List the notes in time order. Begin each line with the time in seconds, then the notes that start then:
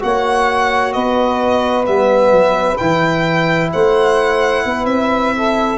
0.00 A#3 F#4 C#5 F#5
0.92 B3 B4 D#5
1.84 G3 B3 E5
2.31 F#3
2.77 E3 E4 G5
3.72 A3 C5 F#5
4.65 B3 B4
4.85 C4 E5
5.34 A4